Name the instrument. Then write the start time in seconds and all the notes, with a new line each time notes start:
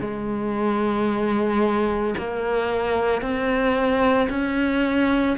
cello
0.00 G#3
2.18 A#3
3.21 C4
4.30 C#4